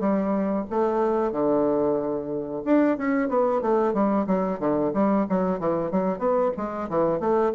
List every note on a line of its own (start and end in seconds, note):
0.00 0.65 G3
0.70 1.32 A3
1.32 2.63 D3
2.65 2.98 D4
2.98 3.29 C#4
3.29 3.61 B3
3.61 3.94 A3
3.94 4.27 G3
4.27 4.59 F#3
4.60 4.92 D3
4.94 5.26 G3
5.29 5.60 F#3
5.60 5.91 E3
5.91 6.19 F#3
6.19 6.52 B3
6.57 6.89 G#3
6.90 7.20 E3
7.20 7.53 A3